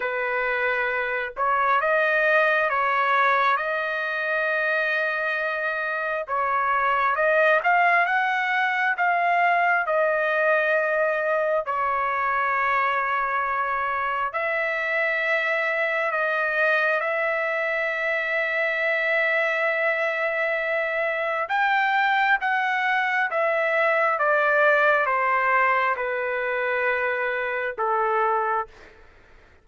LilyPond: \new Staff \with { instrumentName = "trumpet" } { \time 4/4 \tempo 4 = 67 b'4. cis''8 dis''4 cis''4 | dis''2. cis''4 | dis''8 f''8 fis''4 f''4 dis''4~ | dis''4 cis''2. |
e''2 dis''4 e''4~ | e''1 | g''4 fis''4 e''4 d''4 | c''4 b'2 a'4 | }